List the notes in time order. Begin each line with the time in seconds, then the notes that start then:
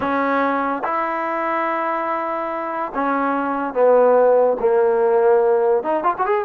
0.00 C#4
0.84 E4
2.94 C#4
3.73 B3
4.59 A#3
5.83 D#4
6.03 F4
6.18 F#4
6.25 G#4